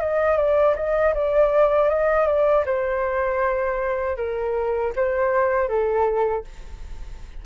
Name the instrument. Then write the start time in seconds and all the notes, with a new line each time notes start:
flute
0.00 D#5
0.37 D5
0.76 D#5
1.14 D5
1.89 D#5
2.26 D5
2.65 C5
4.16 A#4
4.95 C5
5.68 A4